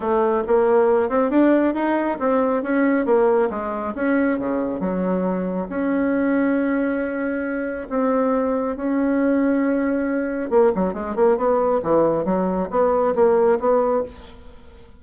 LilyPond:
\new Staff \with { instrumentName = "bassoon" } { \time 4/4 \tempo 4 = 137 a4 ais4. c'8 d'4 | dis'4 c'4 cis'4 ais4 | gis4 cis'4 cis4 fis4~ | fis4 cis'2.~ |
cis'2 c'2 | cis'1 | ais8 fis8 gis8 ais8 b4 e4 | fis4 b4 ais4 b4 | }